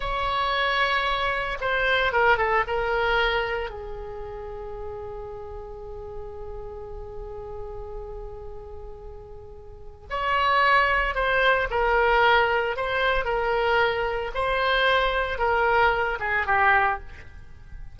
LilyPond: \new Staff \with { instrumentName = "oboe" } { \time 4/4 \tempo 4 = 113 cis''2. c''4 | ais'8 a'8 ais'2 gis'4~ | gis'1~ | gis'1~ |
gis'2. cis''4~ | cis''4 c''4 ais'2 | c''4 ais'2 c''4~ | c''4 ais'4. gis'8 g'4 | }